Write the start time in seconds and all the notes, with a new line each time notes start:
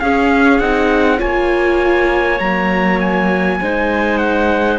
0.00 C#4 G#4 F5
0.59 C4 D#4 F#5
1.18 A#3 F4 C#5 G#5
2.39 F#3 A#3 A#5
3.00 G#5
3.61 G#3 D#4 C5
4.18 F#5